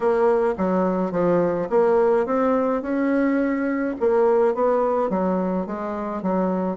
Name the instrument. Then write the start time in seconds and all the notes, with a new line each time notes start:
bassoon
0.00 A#3
0.57 F#3
1.11 F3
1.69 A#3
2.26 C4
2.82 C#4
4.00 A#3
4.54 B3
5.09 F#3
5.66 G#3
6.22 F#3